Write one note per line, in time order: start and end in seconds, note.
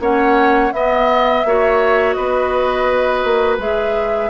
0.00 0.71 A#3
0.00 0.72 C#4
0.00 0.73 C#5
0.00 0.73 F#5
0.72 1.44 B3
0.72 1.47 D#5
0.72 2.13 E5
1.45 2.16 A#3
1.45 3.59 F#4
1.45 2.16 C#5
2.13 3.24 B3
2.13 4.29 B4
2.13 3.56 D#5
3.24 3.58 A#3
3.58 4.29 G#3
3.58 4.29 G#4
3.58 4.29 E5